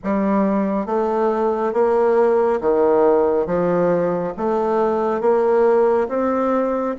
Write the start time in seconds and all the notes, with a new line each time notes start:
0.03 G3
0.86 A3
1.73 A#3
2.60 D#3
3.46 F3
4.37 A3
5.20 A#3
6.08 C4